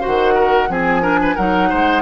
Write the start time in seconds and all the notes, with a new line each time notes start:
0.00 F#4 C5 F#5
0.07 D#3
0.34 A#4
0.68 F3 C4 G#4 G#5
1.02 D4 A#4
1.22 B4
1.35 F#3 D#4 A#4 F#5
1.69 G#3 C5